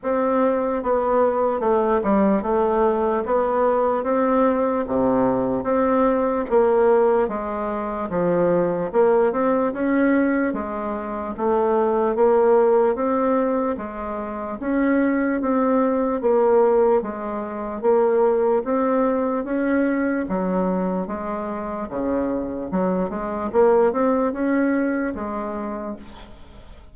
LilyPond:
\new Staff \with { instrumentName = "bassoon" } { \time 4/4 \tempo 4 = 74 c'4 b4 a8 g8 a4 | b4 c'4 c4 c'4 | ais4 gis4 f4 ais8 c'8 | cis'4 gis4 a4 ais4 |
c'4 gis4 cis'4 c'4 | ais4 gis4 ais4 c'4 | cis'4 fis4 gis4 cis4 | fis8 gis8 ais8 c'8 cis'4 gis4 | }